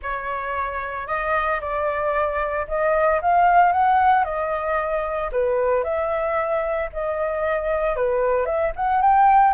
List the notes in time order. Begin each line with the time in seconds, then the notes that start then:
0.02 C#5
1.07 D#5
1.60 D5
2.67 D#5
3.21 F5
3.72 F#5
4.24 D#5
5.32 B4
5.83 E5
6.92 D#5
7.96 B4
8.45 E5
8.75 F#5
9.01 G5